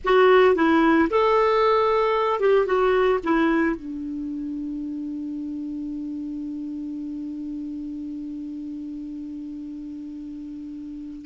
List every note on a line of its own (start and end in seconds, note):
0.04 0.55 F#4
0.55 1.08 E4
1.10 2.40 A4
2.40 2.66 G4
2.66 3.19 F#4
3.23 3.76 E4
3.76 11.25 D4